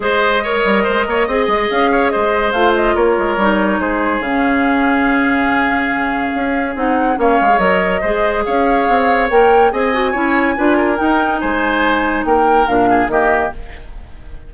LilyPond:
<<
  \new Staff \with { instrumentName = "flute" } { \time 4/4 \tempo 4 = 142 dis''1 | f''4 dis''4 f''8 dis''8 cis''4~ | cis''4 c''4 f''2~ | f''1 |
fis''4 f''4 dis''2 | f''2 g''4 gis''4~ | gis''2 g''4 gis''4~ | gis''4 g''4 f''4 dis''4 | }
  \new Staff \with { instrumentName = "oboe" } { \time 4/4 c''4 cis''4 c''8 cis''8 dis''4~ | dis''8 cis''8 c''2 ais'4~ | ais'4 gis'2.~ | gis'1~ |
gis'4 cis''2 c''4 | cis''2. dis''4 | cis''4 b'8 ais'4. c''4~ | c''4 ais'4. gis'8 g'4 | }
  \new Staff \with { instrumentName = "clarinet" } { \time 4/4 gis'4 ais'2 gis'4~ | gis'2 f'2 | dis'2 cis'2~ | cis'1 |
dis'4 cis'8. gis'16 ais'4 gis'4~ | gis'2 ais'4 gis'8 fis'8 | e'4 f'4 dis'2~ | dis'2 d'4 ais4 | }
  \new Staff \with { instrumentName = "bassoon" } { \time 4/4 gis4. g8 gis8 ais8 c'8 gis8 | cis'4 gis4 a4 ais8 gis8 | g4 gis4 cis2~ | cis2. cis'4 |
c'4 ais8 gis8 fis4 gis4 | cis'4 c'4 ais4 c'4 | cis'4 d'4 dis'4 gis4~ | gis4 ais4 ais,4 dis4 | }
>>